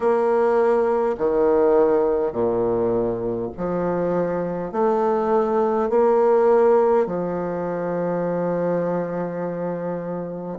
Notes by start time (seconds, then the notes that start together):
0.00 A#3
1.18 D#3
2.32 A#2
3.57 F3
4.72 A3
5.89 A#3
7.06 F3